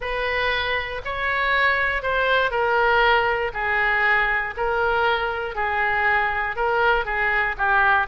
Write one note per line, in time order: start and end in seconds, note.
0.00 1.01 B4
1.04 2.02 C#5
2.02 2.50 C5
2.50 3.51 A#4
3.53 4.54 G#4
4.56 5.55 A#4
5.55 6.55 G#4
6.55 7.05 A#4
7.05 7.55 G#4
7.57 8.07 G4